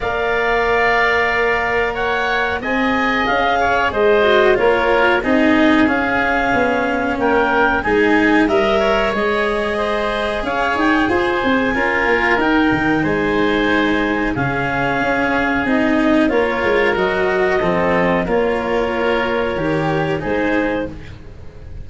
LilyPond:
<<
  \new Staff \with { instrumentName = "clarinet" } { \time 4/4 \tempo 4 = 92 f''2. fis''4 | gis''4 f''4 dis''4 cis''4 | dis''4 f''2 g''4 | gis''4 e''4 dis''2 |
f''8 g''8 gis''2 g''4 | gis''2 f''2 | dis''4 cis''4 dis''2 | cis''2. c''4 | }
  \new Staff \with { instrumentName = "oboe" } { \time 4/4 d''2. cis''4 | dis''4. cis''8 c''4 ais'4 | gis'2. ais'4 | gis'4 dis''8 cis''4. c''4 |
cis''4 c''4 ais'2 | c''2 gis'2~ | gis'4 ais'2 a'4 | ais'2. gis'4 | }
  \new Staff \with { instrumentName = "cello" } { \time 4/4 ais'1 | gis'2~ gis'8 fis'8 f'4 | dis'4 cis'2. | dis'4 ais'4 gis'2~ |
gis'2 f'4 dis'4~ | dis'2 cis'2 | dis'4 f'4 fis'4 c'4 | f'2 g'4 dis'4 | }
  \new Staff \with { instrumentName = "tuba" } { \time 4/4 ais1 | c'4 cis'4 gis4 ais4 | c'4 cis'4 b4 ais4 | gis4 g4 gis2 |
cis'8 dis'8 f'8 c'8 cis'8 ais8 dis'8 dis8 | gis2 cis4 cis'4 | c'4 ais8 gis8 fis4 f4 | ais2 dis4 gis4 | }
>>